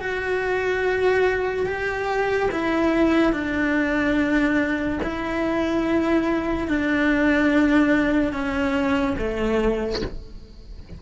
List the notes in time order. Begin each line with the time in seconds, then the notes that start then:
0.00 F#4
1.66 G4
2.52 E4
3.33 D4
5.03 E4
6.68 D4
8.33 C#4
9.18 A3